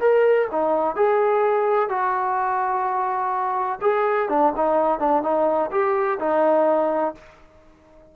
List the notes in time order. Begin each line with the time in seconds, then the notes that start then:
0.00 A#4
0.51 D#4
0.96 G#4
1.89 F#4
3.81 G#4
4.29 D4
4.56 D#4
4.99 D4
5.23 D#4
5.71 G4
6.19 D#4